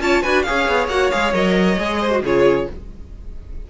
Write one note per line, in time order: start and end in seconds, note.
0.00 0.22 C#4
0.00 0.23 F4
0.00 0.23 C#5
0.00 0.23 A5
0.23 0.47 D4
0.23 0.45 F#4
0.23 0.45 B4
0.23 0.43 G#5
0.43 0.90 G#4
0.43 2.00 C#5
0.43 0.87 F5
0.49 0.69 C#4
0.69 0.88 B3
0.88 1.10 A#3
0.88 1.12 F#4
0.88 1.11 F#5
1.11 1.34 G#3
1.11 1.34 G#4
1.11 1.33 F5
1.34 1.78 F#3
1.34 1.78 A#4
1.34 2.24 D#5
1.78 2.22 G#3
1.78 2.12 G#4
2.00 2.23 C5
2.12 2.23 F#4
2.22 2.67 C#3
2.22 2.70 F4
2.22 2.68 G#4
2.22 2.70 C#5